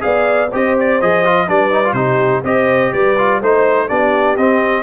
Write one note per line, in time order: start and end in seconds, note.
0.00 0.52 B3
0.00 0.48 G#4
0.00 0.50 D5
0.00 0.49 F5
0.50 1.01 C4
0.50 1.00 G4
0.50 1.46 C5
0.50 0.78 D#5
0.79 1.01 D5
1.01 1.49 F3
1.01 1.24 G#4
1.01 1.49 D#5
1.24 1.47 F4
1.47 1.92 G3
1.47 1.71 D4
1.47 1.95 B4
1.47 1.93 D5
1.71 1.83 D#4
1.84 1.96 F4
1.92 2.40 C3
1.92 2.44 D#4
1.92 2.43 G4
1.92 2.41 C5
2.43 2.91 C4
2.43 3.16 G4
2.43 2.92 C5
2.43 2.92 D#5
2.92 3.41 G3
2.92 3.39 B4
2.92 3.41 D5
3.18 3.42 F4
3.39 3.89 A3
3.39 3.88 D#4
3.39 3.87 C5
3.39 3.88 C5
3.87 4.36 B3
3.87 4.36 D4
3.87 4.83 G4
3.87 4.36 D5
4.36 4.83 C4
4.36 4.83 D#5